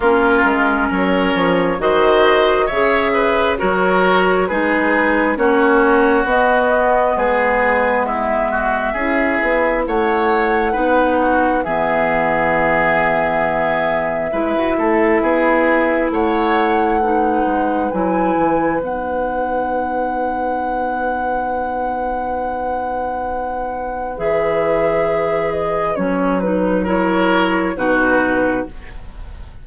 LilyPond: <<
  \new Staff \with { instrumentName = "flute" } { \time 4/4 \tempo 4 = 67 ais'4 cis''4 dis''4 e''4 | cis''4 b'4 cis''4 dis''4 | b'4 e''2 fis''4~ | fis''4 e''2.~ |
e''2 fis''2 | gis''4 fis''2.~ | fis''2. e''4~ | e''8 dis''8 cis''8 b'8 cis''4 b'4 | }
  \new Staff \with { instrumentName = "oboe" } { \time 4/4 f'4 ais'4 c''4 cis''8 b'8 | ais'4 gis'4 fis'2 | gis'4 e'8 fis'8 gis'4 cis''4 | b'8 fis'8 gis'2. |
b'8 a'8 gis'4 cis''4 b'4~ | b'1~ | b'1~ | b'2 ais'4 fis'4 | }
  \new Staff \with { instrumentName = "clarinet" } { \time 4/4 cis'2 fis'4 gis'4 | fis'4 dis'4 cis'4 b4~ | b2 e'2 | dis'4 b2. |
e'2. dis'4 | e'4 dis'2.~ | dis'2. gis'4~ | gis'4 cis'8 dis'8 e'4 dis'4 | }
  \new Staff \with { instrumentName = "bassoon" } { \time 4/4 ais8 gis8 fis8 f8 dis4 cis4 | fis4 gis4 ais4 b4 | gis2 cis'8 b8 a4 | b4 e2. |
gis16 fis'16 a8 b4 a4. gis8 | fis8 e8 b2.~ | b2. e4~ | e4 fis2 b,4 | }
>>